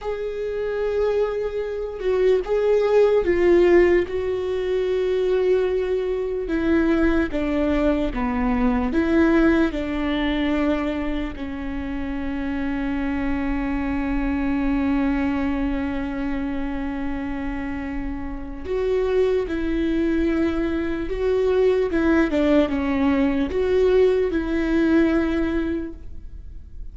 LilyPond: \new Staff \with { instrumentName = "viola" } { \time 4/4 \tempo 4 = 74 gis'2~ gis'8 fis'8 gis'4 | f'4 fis'2. | e'4 d'4 b4 e'4 | d'2 cis'2~ |
cis'1~ | cis'2. fis'4 | e'2 fis'4 e'8 d'8 | cis'4 fis'4 e'2 | }